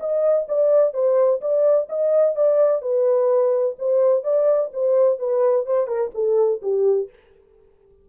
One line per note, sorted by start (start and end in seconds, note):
0.00 0.47 D#5
0.48 0.93 D5
0.93 1.40 C5
1.41 1.88 D5
1.89 2.35 D#5
2.35 2.81 D5
2.81 3.76 B4
3.79 4.23 C5
4.23 4.71 D5
4.73 5.18 C5
5.18 5.66 B4
5.66 5.87 C5
5.87 6.11 A#4
6.14 6.61 A4
6.62 7.09 G4